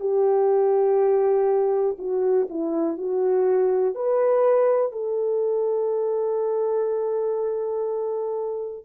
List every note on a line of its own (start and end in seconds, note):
0.00 1.97 G4
1.99 2.48 F#4
2.50 2.97 E4
2.97 3.95 F#4
3.95 4.92 B4
4.92 8.85 A4